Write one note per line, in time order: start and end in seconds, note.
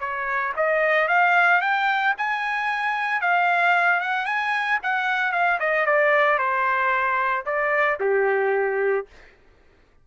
0.00 0.53 C#5
0.56 1.08 D#5
1.08 1.61 F5
1.61 2.14 G5
2.18 3.21 G#5
3.21 4.01 F5
4.01 4.26 F#5
4.26 4.79 G#5
4.83 5.32 F#5
5.32 5.59 F5
5.60 5.86 D#5
5.86 6.38 D5
6.38 7.45 C5
7.46 7.99 D5
8.00 9.06 G4